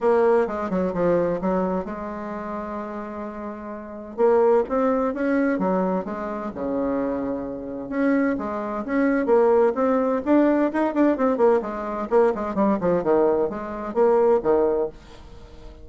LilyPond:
\new Staff \with { instrumentName = "bassoon" } { \time 4/4 \tempo 4 = 129 ais4 gis8 fis8 f4 fis4 | gis1~ | gis4 ais4 c'4 cis'4 | fis4 gis4 cis2~ |
cis4 cis'4 gis4 cis'4 | ais4 c'4 d'4 dis'8 d'8 | c'8 ais8 gis4 ais8 gis8 g8 f8 | dis4 gis4 ais4 dis4 | }